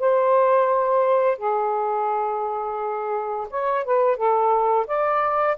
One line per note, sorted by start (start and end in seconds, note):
0.00 1.38 C5
1.38 3.48 G#4
3.50 3.85 C#5
3.85 4.17 B4
4.17 4.87 A4
4.87 5.57 D5